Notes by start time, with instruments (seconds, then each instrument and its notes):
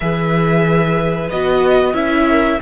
0.00 cello E3, viola G#4, violin B4 E5
1.30 cello B3, viola F#4, violin D#5
1.93 cello C#4, viola E4, violin E5
2.29 violin A#4